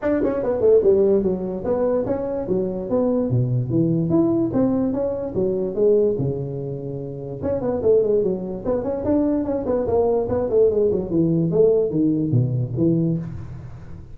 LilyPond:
\new Staff \with { instrumentName = "tuba" } { \time 4/4 \tempo 4 = 146 d'8 cis'8 b8 a8 g4 fis4 | b4 cis'4 fis4 b4 | b,4 e4 e'4 c'4 | cis'4 fis4 gis4 cis4~ |
cis2 cis'8 b8 a8 gis8 | fis4 b8 cis'8 d'4 cis'8 b8 | ais4 b8 a8 gis8 fis8 e4 | a4 dis4 b,4 e4 | }